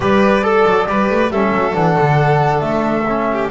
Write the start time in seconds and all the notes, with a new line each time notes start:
0.00 G3 G4 B4 D5
0.42 A4
0.64 F#3
0.86 G3 G4 B4
1.10 A3
1.29 G3 C#4 A4 E5
1.52 F#3
1.72 E3 D4 F#5
1.98 D3
2.60 A3 E5
3.07 C#4
3.32 G4